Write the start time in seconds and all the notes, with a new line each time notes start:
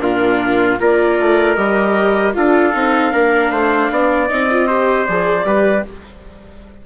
0.00 A#2 D4 F4 A#4
0.80 A#3 F4 A#4 D5
1.20 A3
1.55 G3 G4 D#5
2.34 D4 F4 A4 F5
2.74 C4 D#4
3.12 A#3 D4 A#4
3.51 A3 C5
3.91 B3 D5
4.28 C4 D#4 D#5
4.51 F4
4.68 G4 C5
5.06 F3 G#4 D5
5.45 G3 G4 B4